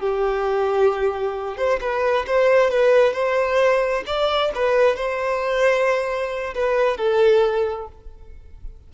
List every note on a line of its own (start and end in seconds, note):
0.00 1.57 G4
1.57 1.80 C5
1.81 2.26 B4
2.27 2.70 C5
2.70 3.13 B4
3.13 4.04 C5
4.06 4.52 D5
4.55 4.96 B4
4.96 6.54 C5
6.55 6.97 B4
6.97 7.88 A4